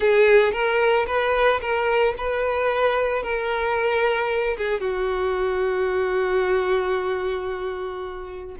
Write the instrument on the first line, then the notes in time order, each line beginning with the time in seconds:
violin
0.00 G#4
0.52 A#4
1.06 B4
1.60 A#4
2.17 B4
3.23 A#4
4.57 G#4
4.80 F#4